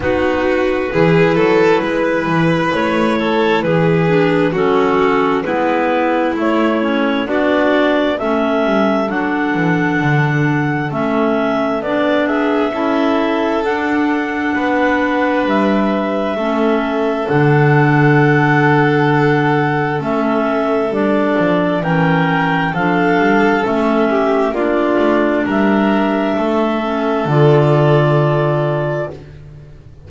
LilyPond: <<
  \new Staff \with { instrumentName = "clarinet" } { \time 4/4 \tempo 4 = 66 b'2. cis''4 | b'4 a'4 b'4 cis''4 | d''4 e''4 fis''2 | e''4 d''8 e''4. fis''4~ |
fis''4 e''2 fis''4~ | fis''2 e''4 d''4 | g''4 f''4 e''4 d''4 | e''2 d''2 | }
  \new Staff \with { instrumentName = "violin" } { \time 4/4 fis'4 gis'8 a'8 b'4. a'8 | gis'4 fis'4 e'2 | fis'4 a'2.~ | a'4. gis'8 a'2 |
b'2 a'2~ | a'1 | ais'4 a'4. g'8 f'4 | ais'4 a'2. | }
  \new Staff \with { instrumentName = "clarinet" } { \time 4/4 dis'4 e'2.~ | e'8 d'8 cis'4 b4 a8 cis'8 | d'4 cis'4 d'2 | cis'4 d'4 e'4 d'4~ |
d'2 cis'4 d'4~ | d'2 cis'4 d'4 | cis'4 d'4 cis'4 d'4~ | d'4. cis'8 f'2 | }
  \new Staff \with { instrumentName = "double bass" } { \time 4/4 b4 e8 fis8 gis8 e8 a4 | e4 fis4 gis4 a4 | b4 a8 g8 fis8 e8 d4 | a4 b4 cis'4 d'4 |
b4 g4 a4 d4~ | d2 a4 g8 f8 | e4 f8 g8 a4 ais8 a8 | g4 a4 d2 | }
>>